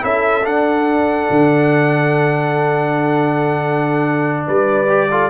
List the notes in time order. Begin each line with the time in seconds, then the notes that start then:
0.00 C#4 E4 A4 E5
0.43 D4 F#5
1.30 D3
4.47 G3 B4 D5
4.88 G4
5.11 F4 A4